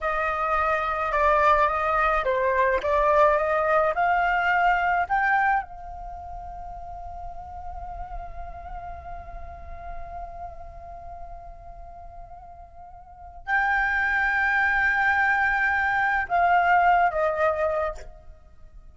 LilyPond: \new Staff \with { instrumentName = "flute" } { \time 4/4 \tempo 4 = 107 dis''2 d''4 dis''4 | c''4 d''4 dis''4 f''4~ | f''4 g''4 f''2~ | f''1~ |
f''1~ | f''1 | g''1~ | g''4 f''4. dis''4. | }